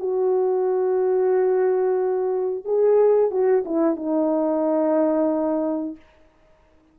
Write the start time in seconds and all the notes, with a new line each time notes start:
0.00 F#4
2.65 G#4
3.31 F#4
3.66 E4
3.96 D#4